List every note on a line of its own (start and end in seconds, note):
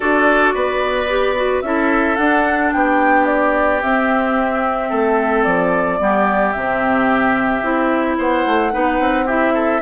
0.00 0.55 D4
0.00 1.07 F#4
0.00 0.54 A4
0.00 1.61 D5
0.54 1.62 B3
0.54 1.63 B4
1.09 1.36 G4
1.36 1.63 F#4
1.61 2.16 C#4
1.61 2.18 E4
1.61 2.75 A4
1.61 2.16 E5
2.16 2.72 D4
2.16 3.82 D4
2.16 2.70 F#5
2.72 3.83 B3
2.72 4.89 G4
2.72 3.26 G5
3.26 3.80 D5
3.81 5.99 C4
3.81 4.91 C4
3.81 5.43 E5
4.89 5.45 A3
4.89 5.98 A4
5.43 6.00 F3
5.43 6.52 D5
5.99 6.54 G3
5.99 6.54 B3
5.99 8.17 G4
6.52 7.62 C3
6.52 7.62 C4
6.52 8.16 E5
7.62 8.17 C4
7.62 8.71 E4
8.17 8.45 B3
8.17 8.72 C5
8.17 9.28 F#5
8.46 8.73 A3
8.71 8.99 B3
8.71 9.26 D#4
8.71 9.25 B4
8.99 9.81 C4
9.25 9.81 E4
9.25 9.52 G4
9.25 9.81 E5
9.53 9.81 A4